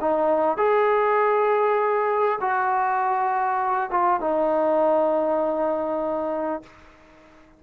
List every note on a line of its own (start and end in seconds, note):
0.00 0.57 D#4
0.57 2.39 G#4
2.40 3.90 F#4
3.90 4.20 F4
4.20 6.62 D#4